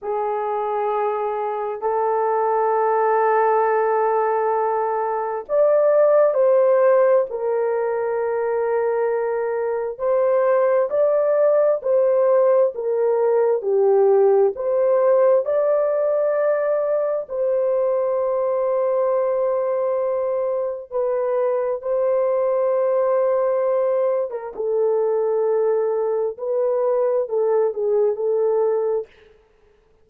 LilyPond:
\new Staff \with { instrumentName = "horn" } { \time 4/4 \tempo 4 = 66 gis'2 a'2~ | a'2 d''4 c''4 | ais'2. c''4 | d''4 c''4 ais'4 g'4 |
c''4 d''2 c''4~ | c''2. b'4 | c''2~ c''8. ais'16 a'4~ | a'4 b'4 a'8 gis'8 a'4 | }